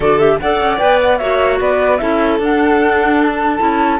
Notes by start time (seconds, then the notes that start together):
0.00 D3 F#4 A4 D5
0.18 G4 E5
0.39 D4 A4 D5 F#5
0.60 C#4
0.78 B3 B4 G5
1.02 F#5
1.18 A#3 F#4 C#5 E5
1.60 B3 B4 D5
1.97 C#4 E4 A4 E5
2.39 D4 F#5
3.22 A5
3.58 C#4 E4